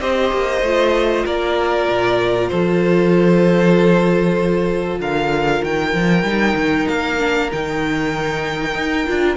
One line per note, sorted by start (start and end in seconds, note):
0.00 0.31 C4
0.00 0.63 G4
0.00 1.25 C5
0.00 1.25 D#5
0.33 0.61 A#3
0.61 1.24 A3
0.61 6.27 F4
1.25 1.88 A#3
1.25 2.50 A#4
1.25 2.48 D5
1.89 2.51 A#2
2.48 4.99 F3
2.48 5.00 A4
2.48 4.98 C5
4.99 5.61 D3
4.99 9.36 A#4
4.99 5.64 F5
5.63 5.93 D#3
5.63 6.88 G5
5.93 6.23 F3
6.23 6.54 G3
6.23 7.19 D#4
6.55 6.86 D#3
6.88 7.51 A#3
6.88 7.50 F5
7.19 7.50 D4
7.51 8.74 D#3
7.51 9.07 D#4
7.51 9.36 G5
8.74 9.06 D#4
9.07 9.36 D4
9.07 9.36 F4